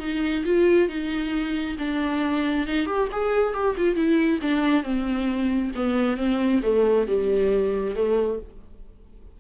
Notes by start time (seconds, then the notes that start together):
0.00 D#4
0.45 F4
0.89 D#4
1.79 D4
2.67 D#4
2.86 G4
3.12 G#4
3.54 G4
3.77 F4
3.95 E4
4.42 D4
4.83 C4
5.75 B3
6.17 C4
6.63 A3
7.07 G3
7.96 A3